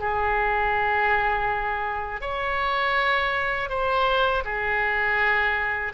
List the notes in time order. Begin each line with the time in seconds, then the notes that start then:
0.00 G#4
2.21 C#5
3.70 C5
4.45 G#4